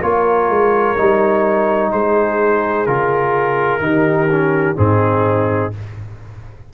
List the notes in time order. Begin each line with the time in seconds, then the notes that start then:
0.00 A#3 F4 A#4 C#5
0.48 G#3
0.96 G3 D#4
1.91 G#3 G#4 C5
2.86 C#3 F4 A#4
3.80 D#3 D#4 G4
4.31 C#4
4.76 G#2 C4 D#4 G#4